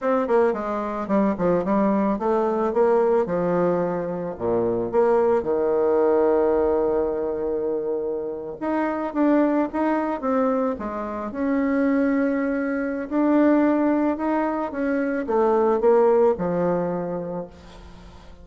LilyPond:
\new Staff \with { instrumentName = "bassoon" } { \time 4/4 \tempo 4 = 110 c'8 ais8 gis4 g8 f8 g4 | a4 ais4 f2 | ais,4 ais4 dis2~ | dis2.~ dis8. dis'16~ |
dis'8. d'4 dis'4 c'4 gis16~ | gis8. cis'2.~ cis'16 | d'2 dis'4 cis'4 | a4 ais4 f2 | }